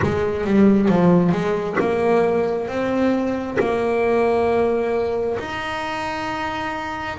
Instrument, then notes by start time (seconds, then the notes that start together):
double bass
0.02 G#3
0.44 G3
0.88 F3
1.32 G#3
1.79 A#3
2.67 C4
3.59 A#3
5.39 D#4